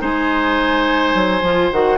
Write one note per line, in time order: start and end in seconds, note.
0.00 1.14 G#3
0.00 1.42 D#4
0.00 1.98 C5
0.00 1.72 G#5
1.14 1.42 F#3
1.42 1.70 F3
1.42 1.72 F4
1.72 1.98 D#3
1.72 1.98 F#4
1.72 1.98 F#5